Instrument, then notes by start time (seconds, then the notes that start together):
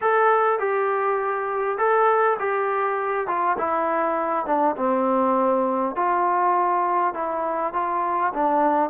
trombone
0.01 A4
0.59 G4
1.77 A4
2.39 G4
3.27 F4
3.58 E4
4.46 D4
4.76 C4
5.95 F4
7.13 E4
7.73 F4
8.33 D4